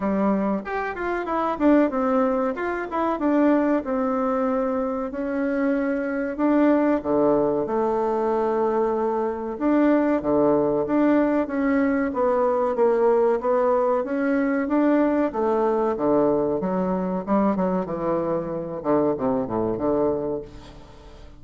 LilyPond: \new Staff \with { instrumentName = "bassoon" } { \time 4/4 \tempo 4 = 94 g4 g'8 f'8 e'8 d'8 c'4 | f'8 e'8 d'4 c'2 | cis'2 d'4 d4 | a2. d'4 |
d4 d'4 cis'4 b4 | ais4 b4 cis'4 d'4 | a4 d4 fis4 g8 fis8 | e4. d8 c8 a,8 d4 | }